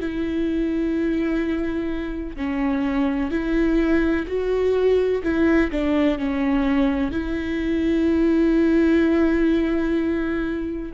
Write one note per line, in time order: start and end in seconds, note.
0.00 2.36 E4
2.36 3.31 C#4
3.31 4.26 E4
4.27 5.23 F#4
5.23 5.71 E4
5.71 6.19 D4
6.19 7.11 C#4
7.11 10.92 E4